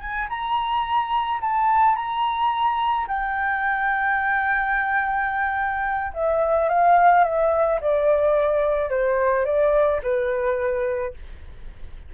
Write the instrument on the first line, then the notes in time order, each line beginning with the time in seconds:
flute
0.00 G#5
0.29 A#5
1.40 A5
1.95 A#5
3.07 G5
6.13 E5
6.69 F5
7.23 E5
7.80 D5
8.90 C5
9.45 D5
10.03 B4